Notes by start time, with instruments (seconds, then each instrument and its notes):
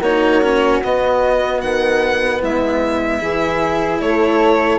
0.00 bassoon A#3, cello D#4, flute F#4, violin C#5
0.43 cello C#4
0.84 cello B3, bassoon B3, violin D#5
1.62 bassoon D#3, violin F#5
2.41 bassoon G#3, flute E4, violin E5
3.20 bassoon E3, cello E4, flute G#4
4.01 bassoon A3, flute A4, violin C#5